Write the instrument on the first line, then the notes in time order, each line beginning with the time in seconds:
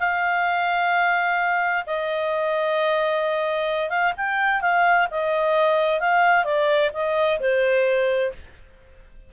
clarinet
0.00 F5
1.87 D#5
3.90 F5
4.17 G5
4.62 F5
5.11 D#5
6.00 F5
6.45 D5
6.94 D#5
7.41 C5